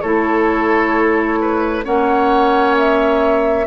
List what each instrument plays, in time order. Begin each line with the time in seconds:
0.00 bassoon A3, clarinet E4, oboe A4, flute C#5
1.41 oboe B4
1.83 bassoon A#3, clarinet C#4, oboe C#5, flute F#5
2.77 flute E5